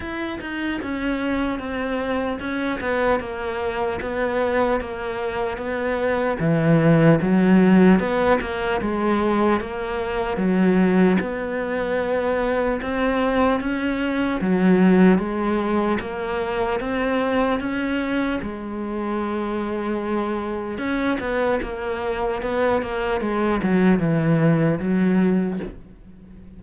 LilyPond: \new Staff \with { instrumentName = "cello" } { \time 4/4 \tempo 4 = 75 e'8 dis'8 cis'4 c'4 cis'8 b8 | ais4 b4 ais4 b4 | e4 fis4 b8 ais8 gis4 | ais4 fis4 b2 |
c'4 cis'4 fis4 gis4 | ais4 c'4 cis'4 gis4~ | gis2 cis'8 b8 ais4 | b8 ais8 gis8 fis8 e4 fis4 | }